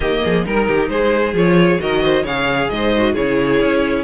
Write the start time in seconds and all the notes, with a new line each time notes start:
0.00 D#3 A#3 G4 D#5
0.24 F3 G#4
0.45 G3 D#4 A#4
0.67 D#3 G4
0.88 G#3 G#4 C5
1.33 F3 F4 C#5
1.78 D#3 F#4 A#4 D#5
2.03 C5
2.23 C#3 G#4 C#5 F5
2.69 G#2 C5 D#5
2.96 F#4
3.13 C#3 E4 G#4 C#5
3.60 C#4